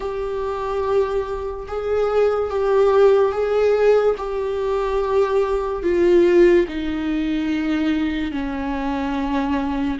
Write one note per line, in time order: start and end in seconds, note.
0.00 1.66 G4
1.67 2.50 G#4
2.50 3.31 G4
3.31 4.15 G#4
4.17 5.82 G4
5.82 6.66 F4
6.67 8.31 D#4
8.31 9.98 C#4